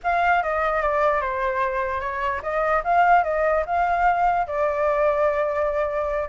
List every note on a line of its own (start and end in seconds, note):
0.03 0.43 F5
0.43 0.82 D#5
0.82 1.21 D5
1.21 2.00 C5
2.00 2.41 C#5
2.42 2.82 D#5
2.84 3.23 F5
3.23 3.64 D#5
3.66 4.47 F5
4.47 6.29 D5